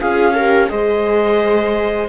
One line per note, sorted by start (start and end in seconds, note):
0.00 0.71 C#4
0.00 0.35 F4
0.00 0.34 G#4
0.00 0.69 F5
0.34 0.69 G4
0.34 0.69 A#4
0.69 2.09 G#3
0.69 2.08 G#4
0.69 2.09 C5
0.69 2.08 D#5